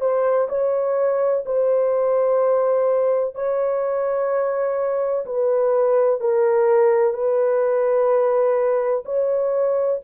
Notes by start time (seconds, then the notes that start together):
0.00 C5
0.48 C#5
1.45 C5
3.34 C#5
5.26 B4
6.20 A#4
7.13 B4
9.05 C#5